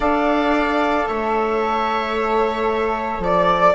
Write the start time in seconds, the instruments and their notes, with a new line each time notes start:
0.00 bassoon D4, saxophone A4, viola D5, flute F5
1.07 bassoon A3, viola C#5, flute E5
3.19 bassoon F3, viola D5, flute D5